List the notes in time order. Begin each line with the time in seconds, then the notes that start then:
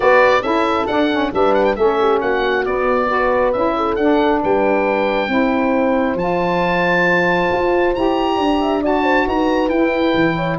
0.00 B3 F#4 B4 D5
0.42 C#4 E4 A4 E5
0.87 D4 F#5
1.11 C#4
1.32 G3 D4 B4 E5
1.54 F#5
1.64 G5
1.75 A3 C#4 A4 E5
2.00 G4
2.21 A#3 F#4 F#5
2.64 B3 D5
3.07 F#4 B4
3.52 C#4 E4 E5
3.76 A4
3.95 D4 F#5
4.41 G3 B4 G5
5.27 C4 E4 C5
6.15 F3 F4 A5
7.52 F4
7.95 E4 G4 A#5
8.35 D4 D5
8.60 E5
8.81 F#4 D5 A5
9.03 C5
9.27 D#4 B4 A#5
9.68 E4 G5
10.14 E3
10.35 C#5